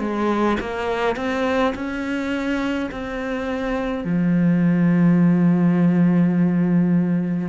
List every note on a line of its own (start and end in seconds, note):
0.00 0.58 G#3
0.60 1.16 A#3
1.16 1.74 C4
1.75 2.91 C#4
2.92 4.04 C4
4.04 7.49 F3